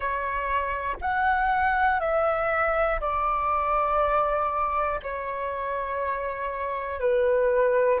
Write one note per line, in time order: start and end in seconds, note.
0.00 0.96 C#5
1.00 2.00 F#5
2.00 3.00 E5
3.00 5.00 D5
5.03 7.00 C#5
7.00 8.00 B4